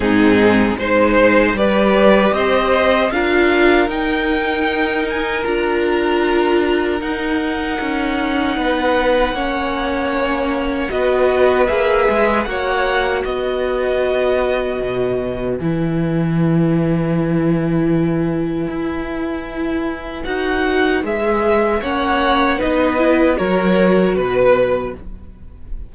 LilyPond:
<<
  \new Staff \with { instrumentName = "violin" } { \time 4/4 \tempo 4 = 77 gis'4 c''4 d''4 dis''4 | f''4 g''4. gis''8 ais''4~ | ais''4 fis''2.~ | fis''2 dis''4 e''4 |
fis''4 dis''2. | gis''1~ | gis''2 fis''4 e''4 | fis''4 dis''4 cis''4 b'4 | }
  \new Staff \with { instrumentName = "violin" } { \time 4/4 dis'4 c''4 b'4 c''4 | ais'1~ | ais'2. b'4 | cis''2 b'2 |
cis''4 b'2.~ | b'1~ | b'1 | cis''4 b'4 ais'4 b'4 | }
  \new Staff \with { instrumentName = "viola" } { \time 4/4 c'4 dis'4 g'2 | f'4 dis'2 f'4~ | f'4 dis'2. | cis'2 fis'4 gis'4 |
fis'1 | e'1~ | e'2 fis'4 gis'4 | cis'4 dis'8 e'8 fis'2 | }
  \new Staff \with { instrumentName = "cello" } { \time 4/4 gis,4 gis4 g4 c'4 | d'4 dis'2 d'4~ | d'4 dis'4 cis'4 b4 | ais2 b4 ais8 gis8 |
ais4 b2 b,4 | e1 | e'2 dis'4 gis4 | ais4 b4 fis4 b,4 | }
>>